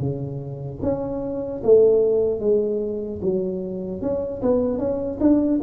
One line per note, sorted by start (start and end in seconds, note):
0.00 0.80 C#3
0.82 1.62 C#4
1.64 2.40 A3
2.40 3.20 G#3
3.22 4.02 F#3
4.02 4.42 C#4
4.42 4.79 B3
4.79 5.19 C#4
5.21 5.61 D4